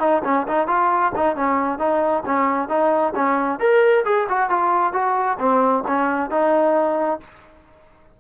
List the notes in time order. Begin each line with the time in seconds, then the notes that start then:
0.00 D#4
0.25 C#4
0.48 D#4
0.68 F4
1.16 D#4
1.36 C#4
1.79 D#4
2.26 C#4
2.69 D#4
3.16 C#4
3.60 A#4
4.05 G#4
4.29 F#4
4.50 F4
4.94 F#4
5.39 C4
5.88 C#4
6.31 D#4